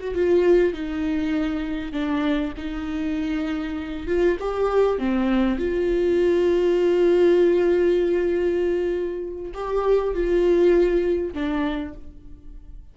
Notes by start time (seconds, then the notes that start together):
0.00 F#4
0.15 F4
0.74 D#4
1.93 D4
2.57 D#4
4.07 F4
4.40 G4
4.99 C4
5.59 F4
9.54 G4
10.15 F4
11.34 D4